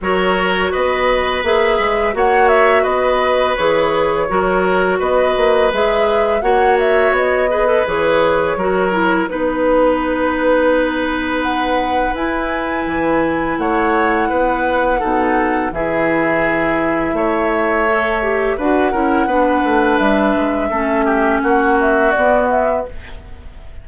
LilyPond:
<<
  \new Staff \with { instrumentName = "flute" } { \time 4/4 \tempo 4 = 84 cis''4 dis''4 e''4 fis''8 e''8 | dis''4 cis''2 dis''4 | e''4 fis''8 e''8 dis''4 cis''4~ | cis''4 b'2. |
fis''4 gis''2 fis''4~ | fis''2 e''2~ | e''2 fis''2 | e''2 fis''8 e''8 d''8 e''8 | }
  \new Staff \with { instrumentName = "oboe" } { \time 4/4 ais'4 b'2 cis''4 | b'2 ais'4 b'4~ | b'4 cis''4. b'4. | ais'4 b'2.~ |
b'2. cis''4 | b'4 a'4 gis'2 | cis''2 b'8 ais'8 b'4~ | b'4 a'8 g'8 fis'2 | }
  \new Staff \with { instrumentName = "clarinet" } { \time 4/4 fis'2 gis'4 fis'4~ | fis'4 gis'4 fis'2 | gis'4 fis'4. gis'16 a'16 gis'4 | fis'8 e'8 dis'2.~ |
dis'4 e'2.~ | e'4 dis'4 e'2~ | e'4 a'8 g'8 fis'8 e'8 d'4~ | d'4 cis'2 b4 | }
  \new Staff \with { instrumentName = "bassoon" } { \time 4/4 fis4 b4 ais8 gis8 ais4 | b4 e4 fis4 b8 ais8 | gis4 ais4 b4 e4 | fis4 b2.~ |
b4 e'4 e4 a4 | b4 b,4 e2 | a2 d'8 cis'8 b8 a8 | g8 gis8 a4 ais4 b4 | }
>>